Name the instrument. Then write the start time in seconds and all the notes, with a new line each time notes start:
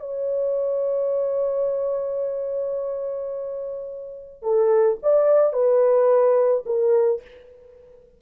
horn
0.00 C#5
4.42 A4
5.03 D5
5.53 B4
6.66 A#4